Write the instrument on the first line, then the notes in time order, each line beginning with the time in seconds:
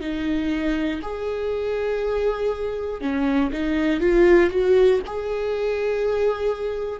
viola
0.00 D#4
1.02 G#4
3.01 C#4
3.52 D#4
4.00 F4
4.50 F#4
5.06 G#4